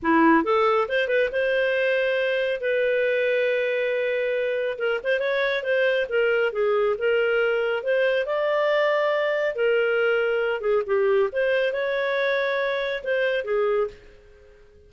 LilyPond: \new Staff \with { instrumentName = "clarinet" } { \time 4/4 \tempo 4 = 138 e'4 a'4 c''8 b'8 c''4~ | c''2 b'2~ | b'2. ais'8 c''8 | cis''4 c''4 ais'4 gis'4 |
ais'2 c''4 d''4~ | d''2 ais'2~ | ais'8 gis'8 g'4 c''4 cis''4~ | cis''2 c''4 gis'4 | }